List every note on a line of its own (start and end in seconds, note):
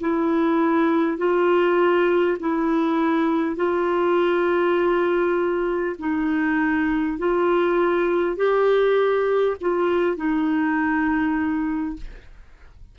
0.00 1.17 E4
1.17 2.37 F4
2.39 3.56 E4
3.56 5.96 F4
5.98 7.18 D#4
7.18 8.36 F4
8.36 9.56 G4
9.61 10.16 F4
10.16 11.96 D#4